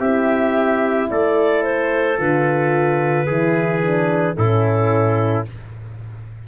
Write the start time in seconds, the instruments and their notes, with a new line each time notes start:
0.00 tuba C4, horn E4, trumpet G4, clarinet E5
1.10 tuba A3, trumpet A4, clarinet D5
1.63 clarinet C5
2.18 tuba D3, horn F4, clarinet B4
3.27 tuba E3, horn E4, trumpet G#4
3.82 horn D4
4.36 tuba A2, horn C#4, trumpet E4, clarinet A4